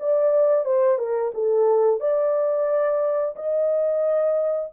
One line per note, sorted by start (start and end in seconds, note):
0.00 0.65 D5
0.65 0.98 C5
0.98 1.32 A#4
1.34 2.00 A4
2.00 3.35 D5
3.36 4.71 D#5